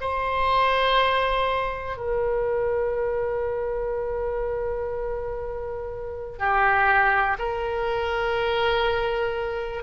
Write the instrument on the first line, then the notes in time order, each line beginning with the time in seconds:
oboe
0.00 C5
1.97 A#4
6.38 G4
7.39 A#4